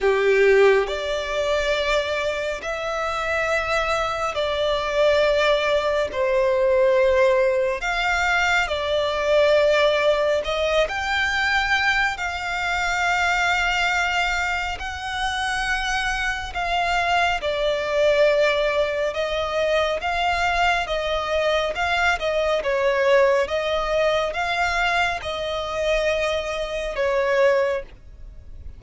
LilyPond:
\new Staff \with { instrumentName = "violin" } { \time 4/4 \tempo 4 = 69 g'4 d''2 e''4~ | e''4 d''2 c''4~ | c''4 f''4 d''2 | dis''8 g''4. f''2~ |
f''4 fis''2 f''4 | d''2 dis''4 f''4 | dis''4 f''8 dis''8 cis''4 dis''4 | f''4 dis''2 cis''4 | }